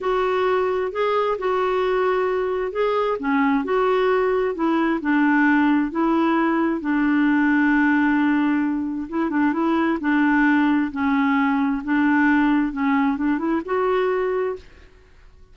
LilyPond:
\new Staff \with { instrumentName = "clarinet" } { \time 4/4 \tempo 4 = 132 fis'2 gis'4 fis'4~ | fis'2 gis'4 cis'4 | fis'2 e'4 d'4~ | d'4 e'2 d'4~ |
d'1 | e'8 d'8 e'4 d'2 | cis'2 d'2 | cis'4 d'8 e'8 fis'2 | }